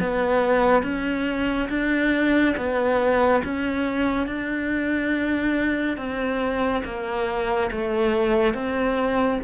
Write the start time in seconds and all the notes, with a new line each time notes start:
0.00 B3
0.83 C#4
1.69 D4
2.57 B3
3.44 C#4
4.27 D4
5.97 C4
6.85 A#3
7.71 A3
8.54 C4